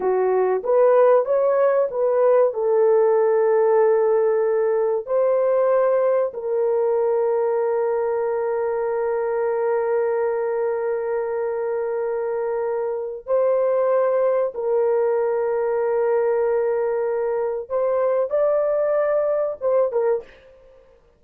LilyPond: \new Staff \with { instrumentName = "horn" } { \time 4/4 \tempo 4 = 95 fis'4 b'4 cis''4 b'4 | a'1 | c''2 ais'2~ | ais'1~ |
ais'1~ | ais'4 c''2 ais'4~ | ais'1 | c''4 d''2 c''8 ais'8 | }